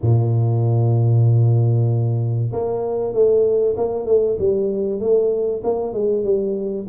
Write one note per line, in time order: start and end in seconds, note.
0.01 2.51 A#2
2.52 3.13 A#3
3.13 3.75 A3
3.76 4.05 A#3
4.05 4.36 A3
4.38 5.00 G3
5.00 5.62 A3
5.63 5.93 A#3
5.93 6.23 G#3
6.23 6.86 G3